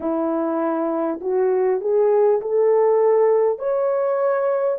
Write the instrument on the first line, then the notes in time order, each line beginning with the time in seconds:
horn
0.00 E4
1.21 F#4
1.80 G#4
2.41 A4
3.58 C#5